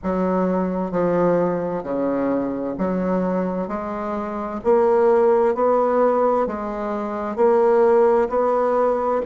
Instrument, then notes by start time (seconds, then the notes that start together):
bassoon
0.03 F#3
0.91 F3
1.83 C#3
2.77 F#3
3.68 G#3
4.64 A#3
5.54 B3
6.47 G#3
7.36 A#3
8.29 B3